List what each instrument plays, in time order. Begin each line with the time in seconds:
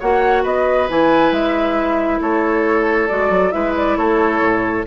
0.00 bassoon A#3, clarinet F#4, oboe C#5, flute F#5
0.43 bassoon B3, oboe B4, flute D#5
0.89 bassoon E3, clarinet E4, flute G#5
1.32 bassoon G#3, flute E5
2.21 bassoon A3, oboe A4, flute C#5
3.08 bassoon G#3, clarinet F#4, flute D5
3.30 bassoon F#3
3.52 bassoon G#3, clarinet E4, oboe B4, flute E5
3.77 flute D5
3.97 bassoon A3, oboe A4, flute C#5
4.41 bassoon A2